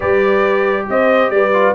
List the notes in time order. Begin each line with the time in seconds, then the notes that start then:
0.00 G3 G4 B4 D5
0.89 C4 C5 D#5
1.29 G3 B4 D5
1.53 F4